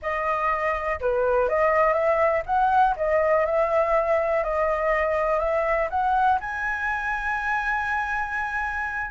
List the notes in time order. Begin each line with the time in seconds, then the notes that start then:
0.01 D#5
1.00 B4
1.48 D#5
1.93 E5
2.46 F#5
2.96 D#5
3.45 E5
4.43 D#5
5.39 E5
5.89 F#5
6.40 G#5